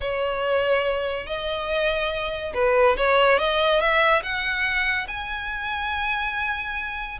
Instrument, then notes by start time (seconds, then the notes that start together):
violin
0.01 C#5
1.26 D#5
2.54 B4
2.97 C#5
3.38 D#5
3.80 E5
4.22 F#5
5.07 G#5